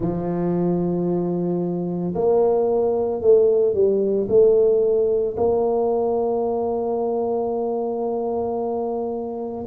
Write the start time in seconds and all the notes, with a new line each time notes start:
0.00 F3
2.14 A#3
3.21 A3
3.74 G3
4.29 A3
5.36 A#3